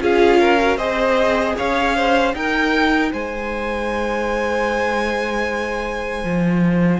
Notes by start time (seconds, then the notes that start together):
0.00 C#4 F4 G#4 F5
0.40 A#4
0.60 F#4
0.77 C4 G#4 C5 D#5
1.57 C#4 C#5 F5
1.96 C5
2.34 D#4 A#4 G5
3.12 G#3 C5 G#5
6.24 F3